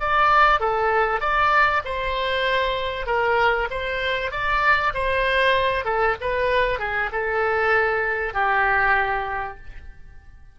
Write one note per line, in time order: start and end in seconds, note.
0.00 0.60 D5
0.60 1.20 A4
1.20 1.82 D5
1.85 3.06 C5
3.06 3.68 A#4
3.70 4.31 C5
4.31 4.93 D5
4.94 5.85 C5
5.85 6.16 A4
6.21 6.79 B4
6.79 7.10 G#4
7.12 8.33 A4
8.33 9.57 G4